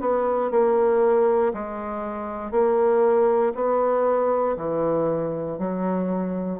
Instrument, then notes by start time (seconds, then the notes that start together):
bassoon
0.00 B3
0.51 A#3
1.54 G#3
2.51 A#3
3.55 B3
4.57 E3
5.58 F#3